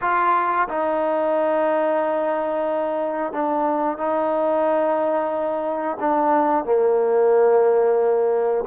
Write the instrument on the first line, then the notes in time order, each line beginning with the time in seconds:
trombone
0.01 F4
0.68 D#4
3.32 D4
3.97 D#4
5.99 D4
6.65 A#3